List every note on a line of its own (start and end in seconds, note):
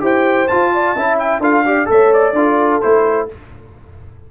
0.00 0.48 E4
0.00 0.47 G4
0.00 0.73 C5
0.00 0.48 G5
0.48 0.96 F4
0.48 0.95 F4
0.48 1.18 A5
0.74 0.96 D5
0.95 1.39 C#4
0.95 1.42 E4
0.95 1.41 E5
1.19 1.42 G5
1.39 1.86 D4
1.39 1.65 F4
1.39 1.64 A4
1.39 1.89 F5
1.65 1.86 G4
1.65 1.90 D5
1.86 2.33 A3
1.86 2.32 A4
1.86 2.35 C#5
1.86 2.13 E5
2.13 2.81 D5
2.33 2.79 D4
2.33 2.82 F4
2.33 3.28 A4
2.81 3.31 A3
2.81 3.28 E4
2.81 3.28 C5